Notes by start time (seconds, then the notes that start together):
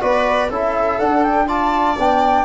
0.00 B3 F#4 B4 D5
0.49 C#4 E4 A4 E5
0.99 D4 F#5
1.23 G5
1.47 F4 D5 A5
1.98 B3 D4 G5